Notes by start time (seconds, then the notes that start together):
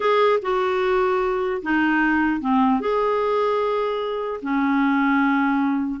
0.00 G#4
0.41 F#4
1.62 D#4
2.41 C4
2.80 G#4
4.42 C#4